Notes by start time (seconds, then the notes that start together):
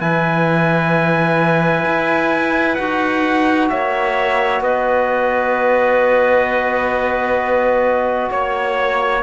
0.00 E3 E4 B4 G#5
1.85 E4
2.74 D#4 F#4 F#5
3.69 A#3 C#5 E5
4.60 B3 B4 D#5
8.30 A#3 C#5